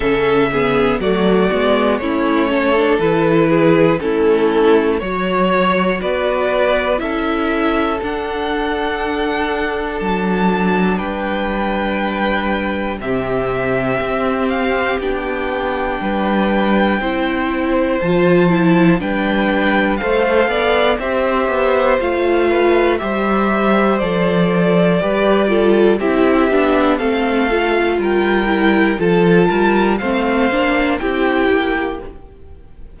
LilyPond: <<
  \new Staff \with { instrumentName = "violin" } { \time 4/4 \tempo 4 = 60 e''4 d''4 cis''4 b'4 | a'4 cis''4 d''4 e''4 | fis''2 a''4 g''4~ | g''4 e''4. f''8 g''4~ |
g''2 a''4 g''4 | f''4 e''4 f''4 e''4 | d''2 e''4 f''4 | g''4 a''4 f''4 g''4 | }
  \new Staff \with { instrumentName = "violin" } { \time 4/4 a'8 gis'8 fis'4 e'8 a'4 gis'8 | e'4 cis''4 b'4 a'4~ | a'2. b'4~ | b'4 g'2. |
b'4 c''2 b'4 | c''8 d''8 c''4. b'8 c''4~ | c''4 b'8 a'8 g'4 a'4 | ais'4 a'8 ais'8 c''4 g'4 | }
  \new Staff \with { instrumentName = "viola" } { \time 4/4 cis'8 b8 a8 b8 cis'8. d'16 e'4 | cis'4 fis'2 e'4 | d'1~ | d'4 c'2 d'4~ |
d'4 e'4 f'8 e'8 d'4 | a'4 g'4 f'4 g'4 | a'4 g'8 f'8 e'8 d'8 c'8 f'8~ | f'8 e'8 f'4 c'8 d'8 e'4 | }
  \new Staff \with { instrumentName = "cello" } { \time 4/4 cis4 fis8 gis8 a4 e4 | a4 fis4 b4 cis'4 | d'2 fis4 g4~ | g4 c4 c'4 b4 |
g4 c'4 f4 g4 | a8 b8 c'8 b8 a4 g4 | f4 g4 c'8 b8 a4 | g4 f8 g8 a8 ais8 c'8 ais8 | }
>>